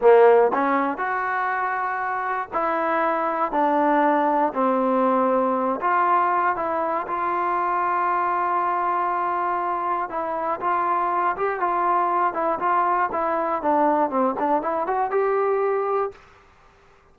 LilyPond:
\new Staff \with { instrumentName = "trombone" } { \time 4/4 \tempo 4 = 119 ais4 cis'4 fis'2~ | fis'4 e'2 d'4~ | d'4 c'2~ c'8 f'8~ | f'4 e'4 f'2~ |
f'1 | e'4 f'4. g'8 f'4~ | f'8 e'8 f'4 e'4 d'4 | c'8 d'8 e'8 fis'8 g'2 | }